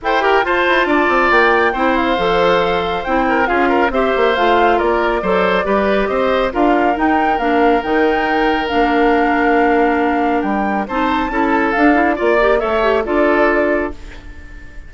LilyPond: <<
  \new Staff \with { instrumentName = "flute" } { \time 4/4 \tempo 4 = 138 g''4 a''2 g''4~ | g''8 f''2~ f''8 g''4 | f''4 e''4 f''4 d''4~ | d''2 dis''4 f''4 |
g''4 f''4 g''2 | f''1 | g''4 a''2 f''4 | d''4 e''4 d''2 | }
  \new Staff \with { instrumentName = "oboe" } { \time 4/4 c''8 ais'8 c''4 d''2 | c''2.~ c''8 ais'8 | gis'8 ais'8 c''2 ais'4 | c''4 b'4 c''4 ais'4~ |
ais'1~ | ais'1~ | ais'4 c''4 a'2 | d''4 cis''4 a'2 | }
  \new Staff \with { instrumentName = "clarinet" } { \time 4/4 a'8 g'8 f'2. | e'4 a'2 e'4 | f'4 g'4 f'2 | a'4 g'2 f'4 |
dis'4 d'4 dis'2 | d'1~ | d'4 dis'4 e'4 d'8 e'8 | f'8 g'8 a'8 g'8 f'2 | }
  \new Staff \with { instrumentName = "bassoon" } { \time 4/4 e'4 f'8 e'8 d'8 c'8 ais4 | c'4 f2 c'4 | cis'4 c'8 ais8 a4 ais4 | fis4 g4 c'4 d'4 |
dis'4 ais4 dis2 | ais1 | g4 c'4 cis'4 d'4 | ais4 a4 d'2 | }
>>